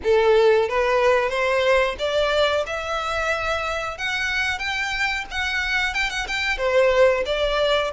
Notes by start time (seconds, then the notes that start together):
0.03 A4
0.68 B4
1.29 C5
1.98 D5
2.66 E5
3.97 F#5
4.59 G5
5.30 F#5
5.93 G5
6.10 F#5
6.27 G5
6.57 C5
7.25 D5